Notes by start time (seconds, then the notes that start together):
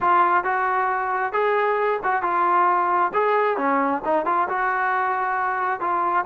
0.00 F4
0.44 F#4
1.32 G#4
2.03 F#4
2.22 F4
3.13 G#4
3.57 C#4
4.04 D#4
4.25 F4
4.48 F#4
5.80 F4